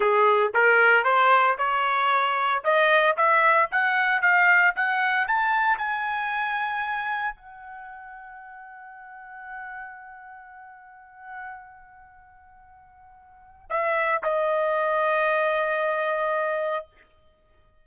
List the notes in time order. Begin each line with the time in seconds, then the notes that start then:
0.00 G#4
0.54 A#4
1.04 C5
1.58 C#5
2.63 D#5
3.17 E5
3.71 F#5
4.21 F5
4.75 F#5
5.27 A5
5.78 G#5
7.35 F#5
13.69 E5
14.23 D#5